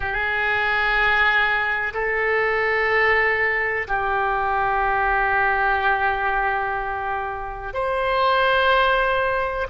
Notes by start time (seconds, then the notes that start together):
0.00 G#4
1.94 A4
3.87 G4
7.73 C5